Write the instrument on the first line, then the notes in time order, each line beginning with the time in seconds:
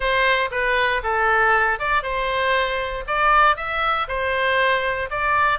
oboe
0.00 C5
0.51 B4
1.03 A4
1.79 D5
2.02 C5
3.07 D5
3.56 E5
4.07 C5
5.10 D5